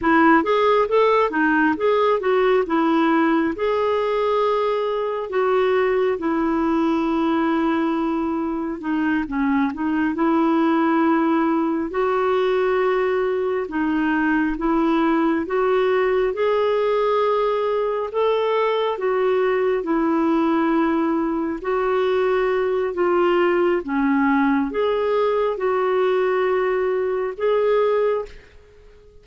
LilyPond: \new Staff \with { instrumentName = "clarinet" } { \time 4/4 \tempo 4 = 68 e'8 gis'8 a'8 dis'8 gis'8 fis'8 e'4 | gis'2 fis'4 e'4~ | e'2 dis'8 cis'8 dis'8 e'8~ | e'4. fis'2 dis'8~ |
dis'8 e'4 fis'4 gis'4.~ | gis'8 a'4 fis'4 e'4.~ | e'8 fis'4. f'4 cis'4 | gis'4 fis'2 gis'4 | }